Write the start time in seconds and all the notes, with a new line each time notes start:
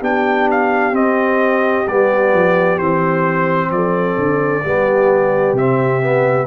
0.00 B3 D4 G4 G5
0.51 F5
0.93 C4 D#5
1.88 G3 B3 D5
2.33 F3
2.79 E3 C4 C5
3.71 F3 A4 D5
4.18 D3
4.64 G3 B3 G4
5.53 C3 C4 E5
6.02 B3